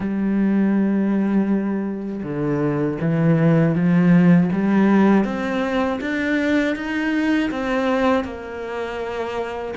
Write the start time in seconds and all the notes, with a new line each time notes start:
0.00 G3
2.23 D3
3.00 E3
3.75 F3
4.52 G3
5.24 C4
6.00 D4
6.75 D#4
7.50 C4
8.24 A#3